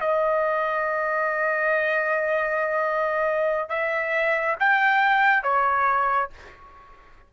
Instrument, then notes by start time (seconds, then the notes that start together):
trumpet
0.00 D#5
3.69 E5
4.59 G5
5.43 C#5